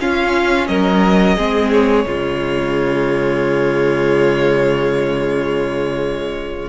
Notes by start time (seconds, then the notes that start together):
0.00 C#4 F4 F5
0.68 F#3 A#4 D#5
1.37 G#3 C4 G#4
1.72 C#5
2.06 C#3 G#3 F4